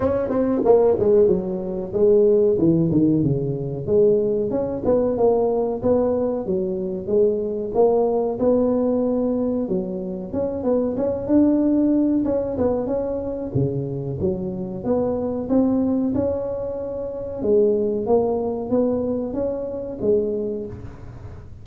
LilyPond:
\new Staff \with { instrumentName = "tuba" } { \time 4/4 \tempo 4 = 93 cis'8 c'8 ais8 gis8 fis4 gis4 | e8 dis8 cis4 gis4 cis'8 b8 | ais4 b4 fis4 gis4 | ais4 b2 fis4 |
cis'8 b8 cis'8 d'4. cis'8 b8 | cis'4 cis4 fis4 b4 | c'4 cis'2 gis4 | ais4 b4 cis'4 gis4 | }